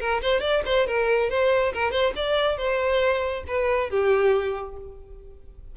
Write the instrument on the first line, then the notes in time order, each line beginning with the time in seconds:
violin
0.00 A#4
0.22 C5
0.41 D5
0.66 C5
0.87 A#4
1.30 C5
1.74 A#4
1.91 C5
2.16 D5
2.58 C5
3.47 B4
3.90 G4